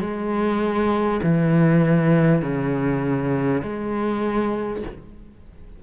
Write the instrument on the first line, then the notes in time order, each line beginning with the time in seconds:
cello
0.00 G#3
1.23 E3
2.42 C#3
3.62 G#3